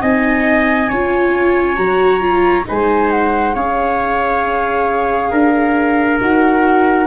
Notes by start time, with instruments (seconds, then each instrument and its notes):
0.00 tuba C4, viola D#4, trumpet D#5, flute G#5
0.89 tuba C#4, viola F4, trumpet C#5
1.76 tuba F#3, viola F#4, flute A#5
2.20 viola F4
2.65 tuba G#3, viola D#4, trumpet C5, flute G#5
3.11 flute F#5
3.54 tuba C#4, viola G#4, trumpet C#5, flute F5
5.31 tuba D4, trumpet A#4
6.20 tuba D#4, viola F#4, flute F#5